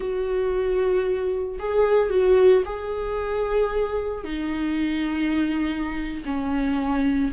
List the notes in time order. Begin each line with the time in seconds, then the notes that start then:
0.00 F#4
1.59 G#4
2.10 F#4
2.65 G#4
4.24 D#4
6.25 C#4